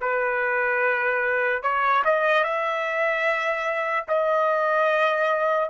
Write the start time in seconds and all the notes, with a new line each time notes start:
0.00 B4
1.62 C#5
2.04 D#5
2.43 E5
4.07 D#5